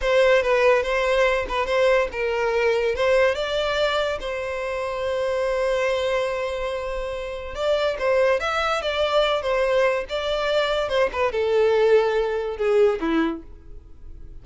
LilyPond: \new Staff \with { instrumentName = "violin" } { \time 4/4 \tempo 4 = 143 c''4 b'4 c''4. b'8 | c''4 ais'2 c''4 | d''2 c''2~ | c''1~ |
c''2 d''4 c''4 | e''4 d''4. c''4. | d''2 c''8 b'8 a'4~ | a'2 gis'4 e'4 | }